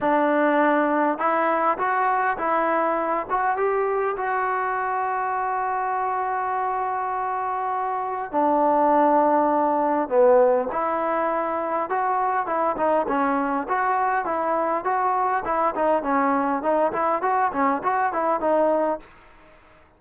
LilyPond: \new Staff \with { instrumentName = "trombone" } { \time 4/4 \tempo 4 = 101 d'2 e'4 fis'4 | e'4. fis'8 g'4 fis'4~ | fis'1~ | fis'2 d'2~ |
d'4 b4 e'2 | fis'4 e'8 dis'8 cis'4 fis'4 | e'4 fis'4 e'8 dis'8 cis'4 | dis'8 e'8 fis'8 cis'8 fis'8 e'8 dis'4 | }